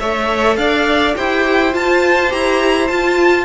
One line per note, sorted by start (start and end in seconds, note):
0.00 0.57 A3
0.00 1.16 A4
0.00 0.58 C#5
0.00 0.57 E5
0.57 1.15 D4
0.57 1.16 D5
0.57 1.14 F5
1.16 1.75 E4
1.16 1.71 G4
1.16 3.45 C5
1.16 1.74 G5
1.71 2.29 F4
1.71 2.33 F4
1.71 2.32 A5
2.30 2.90 E4
2.30 2.88 G4
2.30 2.88 A#5
2.88 3.45 F4
2.88 3.45 A5